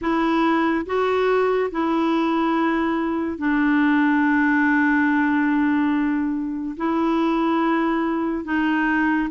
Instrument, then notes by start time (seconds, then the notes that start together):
clarinet
0.01 E4
0.86 F#4
1.71 E4
3.38 D4
6.76 E4
8.44 D#4